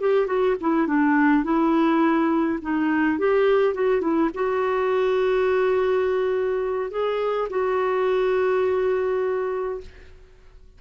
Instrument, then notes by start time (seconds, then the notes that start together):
clarinet
0.00 G4
0.26 F#4
0.60 E4
0.87 D4
1.43 E4
2.62 D#4
3.18 G4
3.74 F#4
4.01 E4
4.34 F#4
6.90 G#4
7.49 F#4